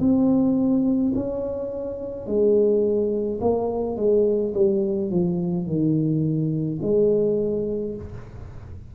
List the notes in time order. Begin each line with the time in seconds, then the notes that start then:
0.00 C4
1.15 C#4
2.27 G#3
3.41 A#3
3.97 G#3
4.55 G3
5.11 F3
5.67 D#3
6.82 G#3